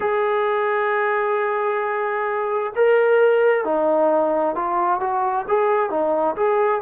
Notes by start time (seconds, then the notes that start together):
0.00 G#4
2.75 A#4
3.64 D#4
4.55 F4
5.00 F#4
5.48 G#4
5.90 D#4
6.36 G#4